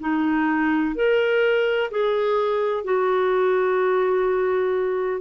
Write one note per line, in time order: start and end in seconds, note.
0.00 0.95 D#4
0.95 1.90 A#4
1.90 2.84 G#4
2.84 5.21 F#4